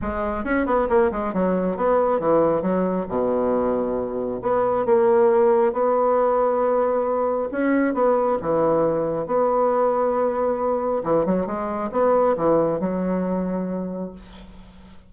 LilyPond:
\new Staff \with { instrumentName = "bassoon" } { \time 4/4 \tempo 4 = 136 gis4 cis'8 b8 ais8 gis8 fis4 | b4 e4 fis4 b,4~ | b,2 b4 ais4~ | ais4 b2.~ |
b4 cis'4 b4 e4~ | e4 b2.~ | b4 e8 fis8 gis4 b4 | e4 fis2. | }